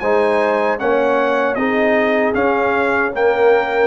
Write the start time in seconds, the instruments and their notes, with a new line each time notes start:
0.00 tuba G#3, trombone D#4, horn C5, trumpet G#5
0.79 tuba A#3, trombone C#4, horn C#5, trumpet F#5
1.55 tuba C4, trombone D#4, horn G#4, trumpet D#5
2.34 trombone C#4, tuba C#4, trumpet F5
3.15 trombone A#3, horn A#4, trumpet G5